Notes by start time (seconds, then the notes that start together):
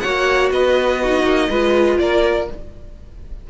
0.00 A#3 F#4 C#5 F#5
0.51 B3 B4 D#5
1.02 D#4 F#4
1.24 A#3
1.49 G#3 F4 B4
1.99 A#3 A#4 D5